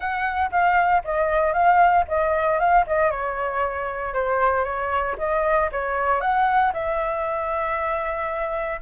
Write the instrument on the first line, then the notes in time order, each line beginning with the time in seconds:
flute
0.00 F#5
0.51 F5
1.04 D#5
1.53 F5
2.07 D#5
2.59 F5
2.86 D#5
3.11 C#5
4.13 C5
4.64 C#5
5.18 D#5
5.72 C#5
6.20 F#5
6.73 E5